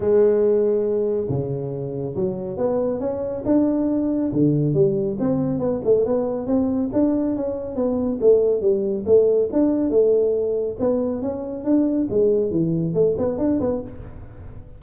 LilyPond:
\new Staff \with { instrumentName = "tuba" } { \time 4/4 \tempo 4 = 139 gis2. cis4~ | cis4 fis4 b4 cis'4 | d'2 d4 g4 | c'4 b8 a8 b4 c'4 |
d'4 cis'4 b4 a4 | g4 a4 d'4 a4~ | a4 b4 cis'4 d'4 | gis4 e4 a8 b8 d'8 b8 | }